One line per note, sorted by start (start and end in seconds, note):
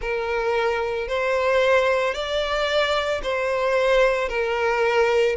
0.01 1.08 A#4
1.08 2.14 C5
2.14 3.21 D5
3.22 4.29 C5
4.29 5.36 A#4